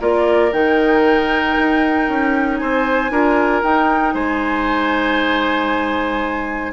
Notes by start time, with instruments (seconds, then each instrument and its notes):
0.00 bassoon A#3, clarinet F4, oboe A#4, flute D5
0.52 bassoon D#3, clarinet D#4, flute G5
1.58 bassoon D#4
2.09 bassoon C#4
2.57 bassoon C4, oboe C5, flute G#5
3.10 bassoon D4, clarinet F4, oboe A#4
3.62 clarinet D#4, bassoon D#4, flute G5
4.14 bassoon G#3, oboe C5, flute G#5